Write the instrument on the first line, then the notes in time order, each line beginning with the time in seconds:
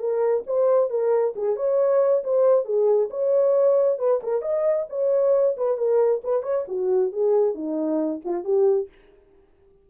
horn
0.00 A#4
0.47 C5
0.90 A#4
1.36 G#4
1.57 C#5
2.24 C5
2.65 G#4
3.11 C#5
3.99 B4
4.24 A#4
4.42 D#5
4.90 C#5
5.57 B4
5.78 A#4
6.24 B4
6.43 C#5
6.68 F#4
7.13 G#4
7.55 D#4
8.25 F4
8.45 G4